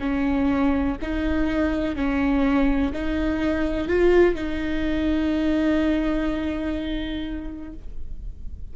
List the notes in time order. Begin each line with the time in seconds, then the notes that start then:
0.00 C#4
1.02 D#4
1.96 C#4
2.93 D#4
3.88 F4
4.35 D#4